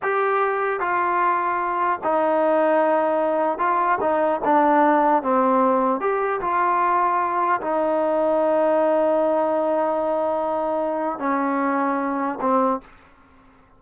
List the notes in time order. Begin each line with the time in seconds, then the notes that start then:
0.02 G4
0.80 F4
2.03 D#4
3.58 F4
4.00 D#4
4.44 D4
5.23 C4
6.00 G4
6.40 F4
7.61 D#4
11.18 C#4
12.40 C4